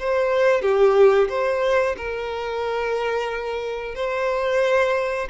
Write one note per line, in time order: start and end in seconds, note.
0.00 0.62 C5
0.62 1.29 G4
1.29 1.96 C5
1.98 3.96 A#4
3.96 5.29 C5